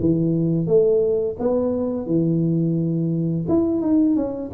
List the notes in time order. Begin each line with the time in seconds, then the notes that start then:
0.00 E3
0.67 A3
1.39 B3
2.06 E3
3.48 E4
3.82 D#4
4.16 C#4